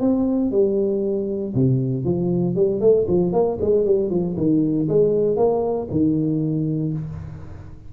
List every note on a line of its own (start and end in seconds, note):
0.00 0.51 C4
0.51 1.54 G3
1.54 2.05 C3
2.05 2.55 F3
2.55 2.80 G3
2.80 3.06 A3
3.08 3.32 F3
3.32 3.58 A#3
3.61 3.86 G#3
3.86 4.10 G3
4.10 4.36 F3
4.37 4.88 D#3
4.88 5.37 G#3
5.37 5.88 A#3
5.90 6.93 D#3